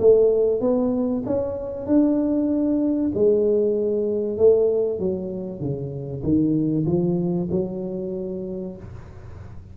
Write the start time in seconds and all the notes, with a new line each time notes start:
0.00 A3
0.61 B3
1.26 C#4
1.87 D4
3.15 G#3
4.38 A3
4.99 F#3
5.60 C#3
6.23 D#3
6.86 F3
7.52 F#3